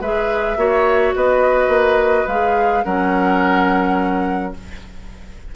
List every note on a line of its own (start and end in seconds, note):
0.00 0.56 G#3
0.00 0.57 G#4
0.00 0.58 B4
0.00 1.15 E5
0.56 1.13 A#3
0.56 2.27 F#4
0.56 1.15 C#5
1.15 1.68 B3
1.15 2.84 B4
1.15 2.27 D#5
1.68 2.25 A#3
2.27 2.84 G#3
2.27 2.84 G#4
2.27 2.84 F5
2.84 4.55 F#3
2.84 4.54 C#4
2.84 4.54 A#4
2.84 4.54 F#5